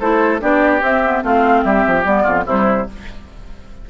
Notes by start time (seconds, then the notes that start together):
0.00 A3 E4 A4 C5
0.41 B3 D4 G4 D5
0.81 C4 E5
1.04 B3
1.22 A3 C4 F4 F5
1.64 G3 G4 E5
1.87 F3
2.05 G3 B3 D5
2.23 F2 F4
2.46 C3 G3 E4 C5